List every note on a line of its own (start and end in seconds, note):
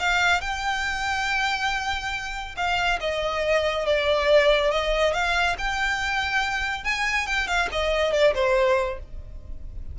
0.00 0.41 F5
0.41 2.56 G5
2.57 3.00 F5
3.01 3.86 D#5
3.86 4.72 D5
4.72 5.14 D#5
5.14 5.57 F5
5.59 6.85 G5
6.85 7.27 G#5
7.27 7.48 G5
7.48 7.69 F5
7.72 8.13 D#5
8.13 8.34 D5
8.35 8.99 C5